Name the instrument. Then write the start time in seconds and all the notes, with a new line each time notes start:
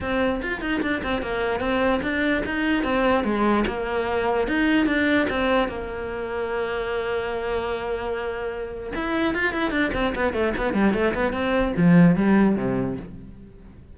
cello
0.00 C4
0.41 F4
0.61 D#4
0.81 D4
1.03 C4
1.22 A#3
1.60 C4
2.02 D4
2.45 D#4
2.83 C4
3.24 G#3
3.67 A#3
4.47 D#4
4.86 D4
5.29 C4
5.68 A#3
8.94 E4
9.34 F4
9.53 E4
9.70 D4
9.93 C4
10.15 B3
10.33 A3
10.57 B3
10.73 G3
10.93 A3
11.14 B3
11.32 C4
11.76 F3
12.15 G3
12.55 C3